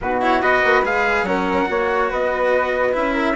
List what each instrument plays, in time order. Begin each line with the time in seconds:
0.01 bassoon B2, cello D#4, flute F#4, trumpet B4
0.21 cello E4, trumpet C#5
0.41 bassoon B3, cello F#4, flute B4, trumpet D#5
0.63 bassoon A#3
0.83 bassoon G#3, cello G#4, trumpet F5
1.22 bassoon F#3, cello C#4, flute A#4, trumpet F#5
1.66 bassoon A#3, cello F#4, flute C#5
2.10 bassoon B3, flute B4, trumpet D#5
2.92 bassoon C#4, cello E4, trumpet E5
3.13 flute A#4